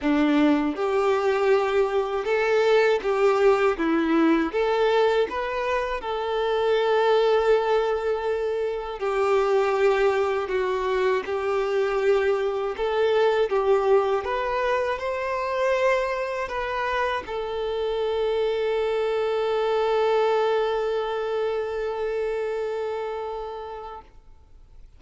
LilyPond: \new Staff \with { instrumentName = "violin" } { \time 4/4 \tempo 4 = 80 d'4 g'2 a'4 | g'4 e'4 a'4 b'4 | a'1 | g'2 fis'4 g'4~ |
g'4 a'4 g'4 b'4 | c''2 b'4 a'4~ | a'1~ | a'1 | }